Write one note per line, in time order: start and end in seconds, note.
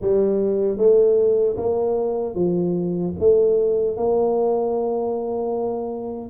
0.01 0.77 G3
0.77 1.56 A3
1.56 2.35 A#3
2.35 3.14 F3
3.19 3.97 A3
3.97 6.30 A#3